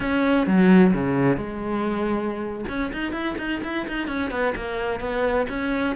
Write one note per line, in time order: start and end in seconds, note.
0.00 0.46 C#4
0.46 0.93 F#3
0.93 1.36 C#3
1.36 2.64 G#3
2.68 2.91 C#4
2.92 3.12 D#4
3.12 3.35 E4
3.38 3.61 D#4
3.63 3.86 E4
3.88 4.07 D#4
4.07 4.30 C#4
4.30 4.54 B3
4.55 5.00 A#3
5.00 5.46 B3
5.49 5.95 C#4